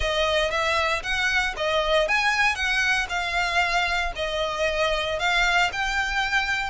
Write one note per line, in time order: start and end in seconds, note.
0.00 0.50 D#5
0.50 1.02 E5
1.02 1.54 F#5
1.56 2.07 D#5
2.07 2.55 G#5
2.55 3.06 F#5
3.09 4.12 F5
4.15 5.19 D#5
5.19 5.70 F5
5.72 6.70 G5